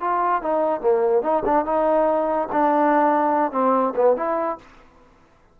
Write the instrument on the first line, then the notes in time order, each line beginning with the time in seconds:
trombone
0.00 F4
0.42 D#4
0.80 A#3
1.22 D#4
1.45 D4
1.65 D#4
2.52 D4
3.51 C4
3.95 B3
4.16 E4